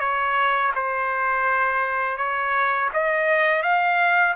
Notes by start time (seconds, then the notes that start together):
0.00 C#5
0.75 C5
2.18 C#5
2.94 D#5
3.63 F5